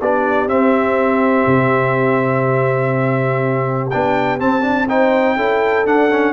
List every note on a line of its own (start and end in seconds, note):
0.00 0.48 B3
0.00 0.50 D4
0.00 4.88 G4
0.00 0.49 D5
0.48 1.46 C4
0.48 3.91 C4
0.48 3.91 E5
1.47 3.91 C3
3.91 4.42 B3
3.91 4.40 D4
3.91 4.40 G5
4.40 4.62 C4
4.40 5.37 C4
4.40 4.89 A5
4.62 4.86 D4
4.89 5.38 D#4
4.89 5.37 C5
4.89 5.87 G5
5.37 5.85 C#4
5.37 5.86 E4
5.37 6.33 A4
5.85 6.33 D4
5.85 6.10 D4
5.85 6.33 F#5
6.12 6.33 C#4